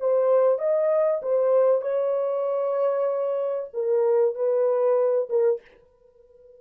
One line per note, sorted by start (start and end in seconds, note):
0.00 0.59 C5
0.59 1.21 D#5
1.22 1.82 C5
1.82 3.69 C#5
3.73 4.35 A#4
4.35 5.29 B4
5.30 5.61 A#4